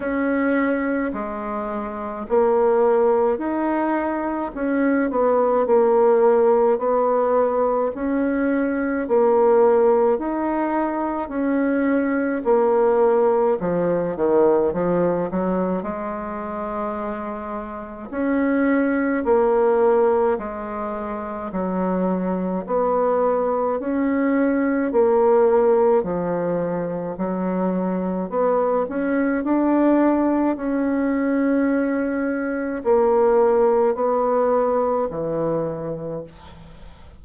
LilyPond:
\new Staff \with { instrumentName = "bassoon" } { \time 4/4 \tempo 4 = 53 cis'4 gis4 ais4 dis'4 | cis'8 b8 ais4 b4 cis'4 | ais4 dis'4 cis'4 ais4 | f8 dis8 f8 fis8 gis2 |
cis'4 ais4 gis4 fis4 | b4 cis'4 ais4 f4 | fis4 b8 cis'8 d'4 cis'4~ | cis'4 ais4 b4 e4 | }